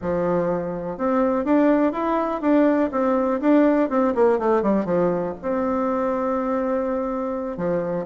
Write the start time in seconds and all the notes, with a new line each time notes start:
0.01 F3
0.97 C4
1.44 D4
1.92 E4
2.41 D4
2.91 C4
3.40 D4
3.89 C4
4.14 A#3
4.39 A3
4.62 G3
4.85 F3
5.41 C4
7.57 F3